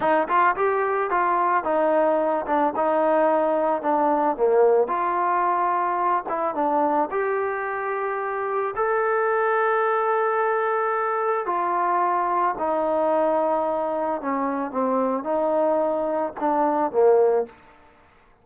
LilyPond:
\new Staff \with { instrumentName = "trombone" } { \time 4/4 \tempo 4 = 110 dis'8 f'8 g'4 f'4 dis'4~ | dis'8 d'8 dis'2 d'4 | ais4 f'2~ f'8 e'8 | d'4 g'2. |
a'1~ | a'4 f'2 dis'4~ | dis'2 cis'4 c'4 | dis'2 d'4 ais4 | }